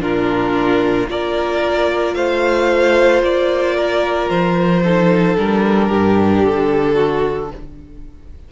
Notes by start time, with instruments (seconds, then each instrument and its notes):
0.00 cello A#2, viola D4, violin F4 A#4
1.08 cello A#3, viola F4, violin A#4 D5
2.15 cello A3, violin C5 F5
3.22 cello A#3, violin D5
3.76 violin A#4
4.29 cello F3, violin C5
4.84 viola D#4, violin A4
5.37 cello G3, viola D4, violin A#4
5.88 cello G2, violin G4
6.44 cello D3, violin A4
6.94 violin F#4